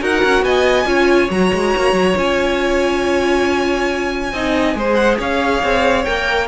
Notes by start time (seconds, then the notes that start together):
0.00 D#4 F#4 A#4 F#5
0.24 C#4
0.42 B3 D#5 G#5
0.86 C#4 F4 C#5
1.30 F#3 F#4 A#5
1.54 G#3
1.77 A#3
1.93 F#3
2.16 C#4 F4 G#5
4.33 C4 D#4 D#5
4.75 G#3 G#4 C5
4.95 F#5
5.18 C#4 C#5 F5
5.63 C4
6.05 A#3 A#4 G5